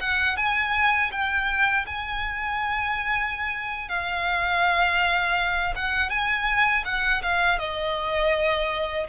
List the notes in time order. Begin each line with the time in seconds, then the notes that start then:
0.00 F#5
0.36 G#5
1.11 G5
1.86 G#5
3.89 F5
5.75 F#5
6.09 G#5
6.85 F#5
7.22 F5
7.58 D#5